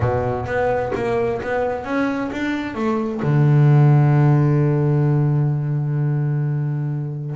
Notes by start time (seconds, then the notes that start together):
0.00 B2
0.46 B3
0.95 A#3
1.42 B3
1.84 C#4
2.31 D4
2.74 A3
3.22 D3